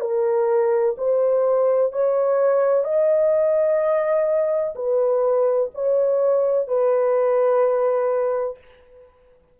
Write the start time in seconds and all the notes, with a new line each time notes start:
0.00 A#4
0.97 C5
1.92 C#5
2.84 D#5
4.75 B4
5.74 C#5
6.67 B4